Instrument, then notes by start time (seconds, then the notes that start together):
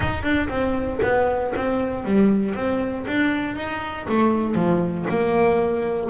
double bass
0.00 D#4
0.22 D4
0.48 C4
1.02 B3
1.56 C4
2.04 G3
2.54 C4
3.07 D4
3.55 D#4
4.08 A3
4.54 F3
5.09 A#3